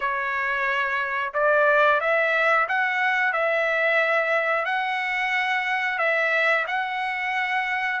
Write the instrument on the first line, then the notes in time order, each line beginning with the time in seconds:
trumpet
0.00 C#5
1.33 D5
2.00 E5
2.68 F#5
3.32 E5
4.65 F#5
5.98 E5
6.67 F#5